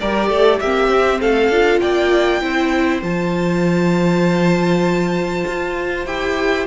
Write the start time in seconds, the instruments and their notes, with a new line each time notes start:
0.00 cello G3, viola G4, violin A#4 D5
0.29 cello A3, violin A4
0.60 cello A#3, viola C4, violin G4 E5
0.89 cello C4
1.20 cello A3, violin A4 F5
1.48 cello D4, viola F4
1.80 cello A#3, violin D5 G5
2.41 cello C4, viola E4, violin C5
3.02 cello F3, viola F4, violin A5
5.47 cello F4
6.06 cello E4, viola G4, violin G5